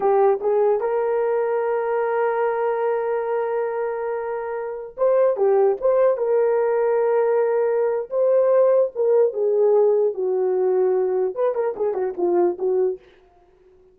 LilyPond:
\new Staff \with { instrumentName = "horn" } { \time 4/4 \tempo 4 = 148 g'4 gis'4 ais'2~ | ais'1~ | ais'1~ | ais'16 c''4 g'4 c''4 ais'8.~ |
ais'1 | c''2 ais'4 gis'4~ | gis'4 fis'2. | b'8 ais'8 gis'8 fis'8 f'4 fis'4 | }